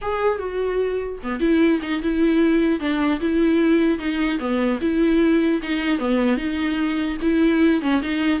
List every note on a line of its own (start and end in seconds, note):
0.01 0.39 G#4
0.39 1.19 F#4
1.23 1.40 B3
1.40 1.80 E4
1.81 2.01 D#4
2.02 2.79 E4
2.79 3.19 D4
3.20 3.99 E4
3.99 4.39 D#4
4.39 4.79 B3
4.81 5.61 E4
5.62 5.98 D#4
5.98 6.37 B3
6.37 7.17 D#4
7.21 7.81 E4
7.81 8.01 C#4
8.02 8.40 D#4